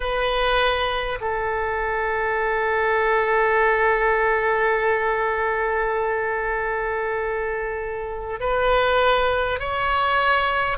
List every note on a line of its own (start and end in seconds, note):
0.00 1.18 B4
1.20 8.39 A4
8.39 9.59 B4
9.59 10.77 C#5